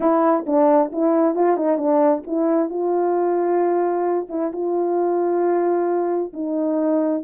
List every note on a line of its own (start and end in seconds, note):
0.00 0.45 E4
0.46 0.91 D4
0.92 1.35 E4
1.35 1.57 F4
1.57 1.77 D#4
1.77 2.22 D4
2.27 2.69 E4
2.69 4.27 F4
4.29 4.52 E4
4.52 6.33 F4
6.33 7.23 D#4